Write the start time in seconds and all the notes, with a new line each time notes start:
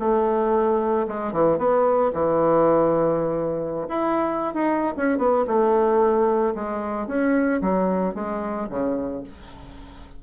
0.00 A3
1.08 G#3
1.33 E3
1.59 B3
2.14 E3
3.89 E4
4.54 D#4
4.97 C#4
5.19 B3
5.48 A3
6.55 G#3
7.08 C#4
7.62 F#3
8.15 G#3
8.70 C#3